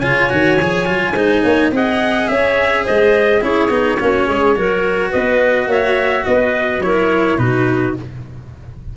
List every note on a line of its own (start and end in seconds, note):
0.00 0.30 C#3
0.00 0.30 F4
0.00 1.15 C#5
0.00 1.70 G#5
0.30 0.60 D#3
0.30 0.58 F#4
0.61 0.88 F3
0.61 0.86 G#4
0.86 1.15 F#3
0.86 1.14 F4
1.15 1.43 G#3
1.15 1.72 D#4
1.15 1.43 C5
1.44 1.71 A#3
1.44 1.72 C#5
1.71 2.28 C4
1.71 3.41 G#4
1.71 2.32 D#5
1.71 2.28 F#5
2.28 2.86 C#4
2.28 2.84 C#5
2.28 2.85 E5
2.84 3.42 G#3
2.84 3.41 C5
2.84 3.44 D#5
3.41 3.70 C#4
3.41 3.70 E4
3.41 3.99 G#4
3.41 5.12 C#5
3.70 3.98 B3
3.70 3.99 D#4
4.00 4.28 A#3
4.00 4.56 C#4
4.00 4.27 F#4
4.27 4.56 G#3
4.27 4.56 G#4
4.56 5.13 F#3
4.56 6.82 F#4
4.56 5.11 A#4
5.11 5.68 B3
5.11 5.67 B4
5.11 5.69 D#5
5.68 6.24 A#3
5.68 6.25 C#5
5.68 6.26 E5
6.26 6.81 B3
6.26 6.85 B4
6.26 6.82 D#5
6.81 7.37 F#3
6.81 7.38 E4
6.81 7.40 A#4
6.81 7.39 C#5
7.38 7.95 B2
7.38 7.95 D#4
7.38 7.97 F#4
7.38 7.95 B4